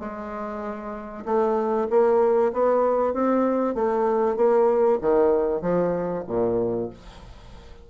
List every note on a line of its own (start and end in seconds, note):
0.00 1.25 G#3
1.26 1.88 A3
1.90 2.53 A#3
2.53 3.14 B3
3.14 3.76 C4
3.76 4.37 A3
4.37 4.99 A#3
5.02 5.62 D#3
5.62 6.24 F3
6.28 6.90 A#2